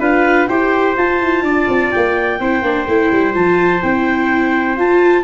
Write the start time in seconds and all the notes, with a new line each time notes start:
0.00 D4 F4 B4 F5
0.47 E4 G4 C5 G5
0.96 F4 A5
1.21 E4
1.43 D4 D5
1.68 C4
1.91 A#3 G5
2.40 C4 E4 C5
2.62 A#3 D4
2.87 A3 E4
3.12 G3
3.34 F3 F4 A5
3.82 C4 E4 G5
4.76 F4 A5